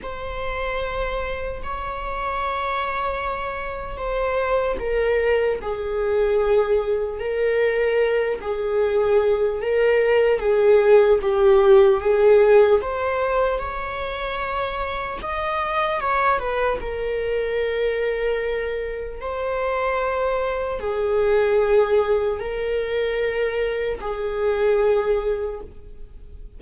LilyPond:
\new Staff \with { instrumentName = "viola" } { \time 4/4 \tempo 4 = 75 c''2 cis''2~ | cis''4 c''4 ais'4 gis'4~ | gis'4 ais'4. gis'4. | ais'4 gis'4 g'4 gis'4 |
c''4 cis''2 dis''4 | cis''8 b'8 ais'2. | c''2 gis'2 | ais'2 gis'2 | }